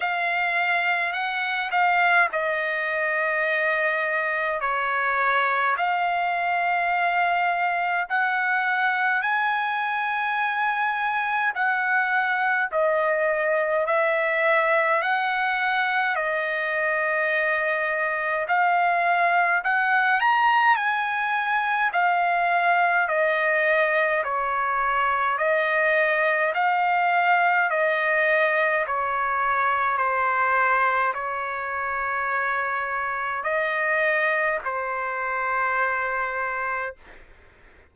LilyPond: \new Staff \with { instrumentName = "trumpet" } { \time 4/4 \tempo 4 = 52 f''4 fis''8 f''8 dis''2 | cis''4 f''2 fis''4 | gis''2 fis''4 dis''4 | e''4 fis''4 dis''2 |
f''4 fis''8 ais''8 gis''4 f''4 | dis''4 cis''4 dis''4 f''4 | dis''4 cis''4 c''4 cis''4~ | cis''4 dis''4 c''2 | }